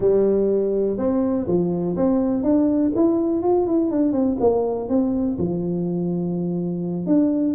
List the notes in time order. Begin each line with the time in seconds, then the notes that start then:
0.00 G3
0.97 C4
1.47 F3
1.96 C4
2.43 D4
2.95 E4
3.42 F4
3.67 E4
3.90 D4
4.12 C4
4.39 A#3
4.88 C4
5.38 F3
7.06 D4